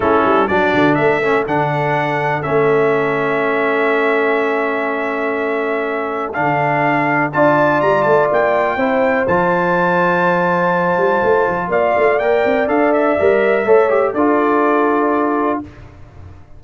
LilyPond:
<<
  \new Staff \with { instrumentName = "trumpet" } { \time 4/4 \tempo 4 = 123 a'4 d''4 e''4 fis''4~ | fis''4 e''2.~ | e''1~ | e''4 f''2 a''4 |
ais''8 a''8 g''2 a''4~ | a''1 | f''4 g''4 f''8 e''4.~ | e''4 d''2. | }
  \new Staff \with { instrumentName = "horn" } { \time 4/4 e'4 fis'4 a'2~ | a'1~ | a'1~ | a'2. d''4~ |
d''2 c''2~ | c''1 | d''1 | cis''4 a'2. | }
  \new Staff \with { instrumentName = "trombone" } { \time 4/4 cis'4 d'4. cis'8 d'4~ | d'4 cis'2.~ | cis'1~ | cis'4 d'2 f'4~ |
f'2 e'4 f'4~ | f'1~ | f'4 ais'4 a'4 ais'4 | a'8 g'8 f'2. | }
  \new Staff \with { instrumentName = "tuba" } { \time 4/4 a8 g8 fis8 d8 a4 d4~ | d4 a2.~ | a1~ | a4 d2 d'4 |
g8 a8 ais4 c'4 f4~ | f2~ f8 g8 a8 f8 | ais8 a8 ais8 c'8 d'4 g4 | a4 d'2. | }
>>